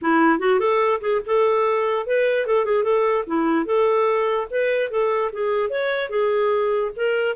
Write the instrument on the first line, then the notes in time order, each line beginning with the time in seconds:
clarinet
0.01 E4
0.39 F#4
0.59 A4
1.00 G#4
1.26 A4
2.06 B4
2.46 A4
2.65 G#4
2.83 A4
3.26 E4
3.65 A4
4.50 B4
4.90 A4
5.32 G#4
5.69 C#5
6.09 G#4
6.96 A#4